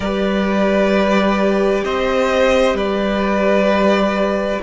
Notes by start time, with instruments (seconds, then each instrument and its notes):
0.00 cello G3, viola G4, violin B4 D5
1.84 cello C4, violin C5 D#5
2.73 cello G3, violin B4 D5